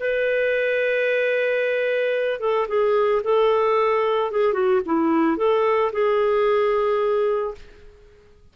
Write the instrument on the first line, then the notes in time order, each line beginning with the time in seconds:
clarinet
0.00 B4
2.40 A4
2.68 G#4
3.24 A4
4.31 G#4
4.54 F#4
4.86 E4
5.38 A4
5.92 G#4